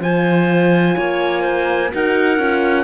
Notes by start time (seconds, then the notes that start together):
0.00 F3 F4 C5 G#5
0.97 A#3 C#5
1.41 C5
1.92 D#4 F#4 A#4 F#5
2.38 C#4 F4